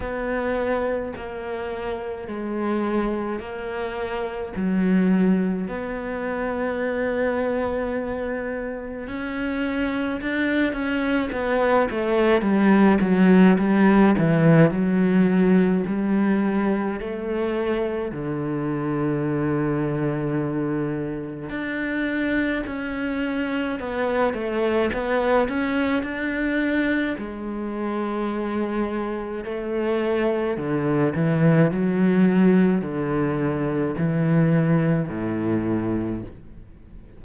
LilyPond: \new Staff \with { instrumentName = "cello" } { \time 4/4 \tempo 4 = 53 b4 ais4 gis4 ais4 | fis4 b2. | cis'4 d'8 cis'8 b8 a8 g8 fis8 | g8 e8 fis4 g4 a4 |
d2. d'4 | cis'4 b8 a8 b8 cis'8 d'4 | gis2 a4 d8 e8 | fis4 d4 e4 a,4 | }